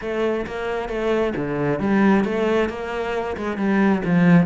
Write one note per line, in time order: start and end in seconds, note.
0.01 0.46 A3
0.46 0.88 A#3
0.88 1.33 A3
1.36 1.79 D3
1.79 2.24 G3
2.24 2.69 A3
2.69 3.36 A#3
3.37 3.57 G#3
3.57 4.02 G3
4.04 4.46 F3